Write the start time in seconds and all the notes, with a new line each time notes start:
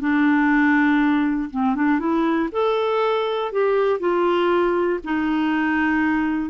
0.00 D4
1.50 C4
1.75 D4
1.99 E4
2.52 A4
3.52 G4
4.00 F4
5.04 D#4